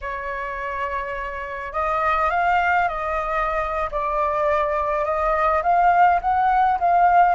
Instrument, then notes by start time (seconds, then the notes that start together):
flute
0.01 C#5
1.72 D#5
2.30 F5
2.88 D#5
3.91 D5
5.04 D#5
5.62 F5
6.21 F#5
6.79 F5